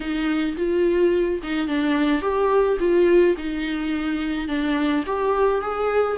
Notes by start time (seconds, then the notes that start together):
0.00 D#4
0.57 F4
1.43 D#4
1.67 D4
2.21 G4
2.79 F4
3.37 D#4
4.47 D4
5.06 G4
5.61 G#4